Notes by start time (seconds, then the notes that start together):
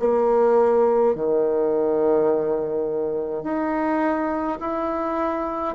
0.00 A#3
1.15 D#3
3.44 D#4
4.60 E4